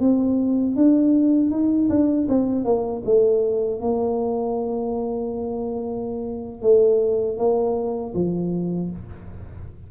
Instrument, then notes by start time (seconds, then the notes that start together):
tuba
0.00 C4
0.76 D4
1.51 D#4
1.90 D4
2.29 C4
2.65 A#3
3.05 A3
3.81 A#3
6.62 A3
7.38 A#3
8.14 F3